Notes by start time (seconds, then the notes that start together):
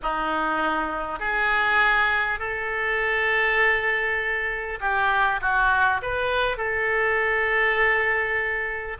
0.02 D#4
1.19 G#4
2.39 A4
4.80 G4
5.41 F#4
6.02 B4
6.57 A4